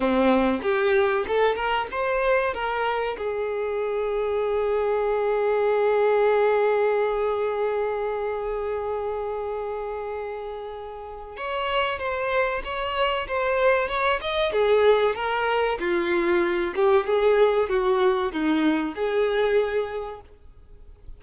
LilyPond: \new Staff \with { instrumentName = "violin" } { \time 4/4 \tempo 4 = 95 c'4 g'4 a'8 ais'8 c''4 | ais'4 gis'2.~ | gis'1~ | gis'1~ |
gis'2 cis''4 c''4 | cis''4 c''4 cis''8 dis''8 gis'4 | ais'4 f'4. g'8 gis'4 | fis'4 dis'4 gis'2 | }